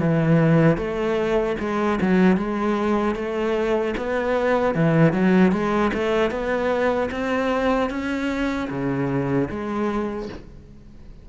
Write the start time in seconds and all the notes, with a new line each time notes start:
0.00 E3
0.78 A3
1.60 G#3
2.02 F#3
2.37 G#3
3.16 A3
3.97 B3
4.75 E3
5.13 F#3
5.52 G#3
5.94 A3
6.31 B3
7.12 C4
7.90 C#4
8.70 C#3
9.50 G#3